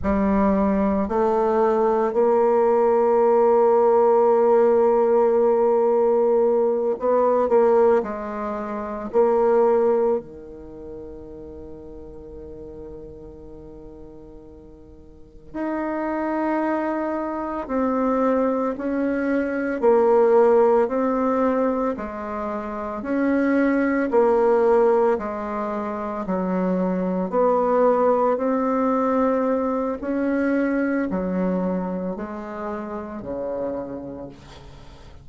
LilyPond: \new Staff \with { instrumentName = "bassoon" } { \time 4/4 \tempo 4 = 56 g4 a4 ais2~ | ais2~ ais8 b8 ais8 gis8~ | gis8 ais4 dis2~ dis8~ | dis2~ dis8 dis'4.~ |
dis'8 c'4 cis'4 ais4 c'8~ | c'8 gis4 cis'4 ais4 gis8~ | gis8 fis4 b4 c'4. | cis'4 fis4 gis4 cis4 | }